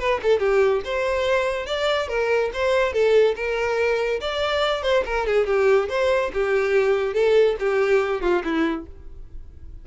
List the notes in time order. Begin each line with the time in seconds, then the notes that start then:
0.00 B4
0.23 A4
0.40 G4
0.85 C5
1.67 D5
2.09 A#4
2.54 C5
2.93 A4
3.36 A#4
4.21 D5
4.83 C5
5.06 A#4
5.27 G#4
5.47 G4
5.89 C5
6.34 G4
7.14 A4
7.60 G4
8.22 F4
8.45 E4